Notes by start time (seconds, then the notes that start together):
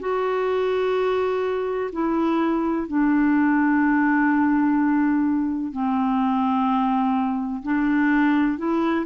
0.00 F#4
1.93 E4
2.88 D4
5.72 C4
7.63 D4
8.58 E4